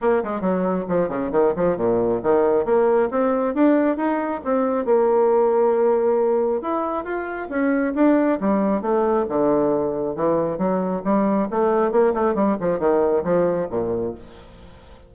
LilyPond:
\new Staff \with { instrumentName = "bassoon" } { \time 4/4 \tempo 4 = 136 ais8 gis8 fis4 f8 cis8 dis8 f8 | ais,4 dis4 ais4 c'4 | d'4 dis'4 c'4 ais4~ | ais2. e'4 |
f'4 cis'4 d'4 g4 | a4 d2 e4 | fis4 g4 a4 ais8 a8 | g8 f8 dis4 f4 ais,4 | }